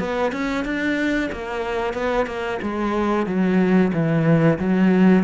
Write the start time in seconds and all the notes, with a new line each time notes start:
0.00 B3
0.33 C#4
0.65 D4
1.33 A#3
1.94 B3
2.27 A#3
2.62 G#3
3.27 F#3
3.94 E3
4.59 F#3